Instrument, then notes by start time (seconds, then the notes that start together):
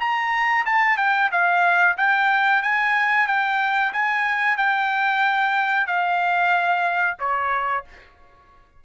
trumpet
0.00 A#5
0.66 A5
0.97 G5
1.32 F5
1.97 G5
2.62 G#5
3.27 G5
3.93 G#5
4.57 G5
5.87 F5
7.19 C#5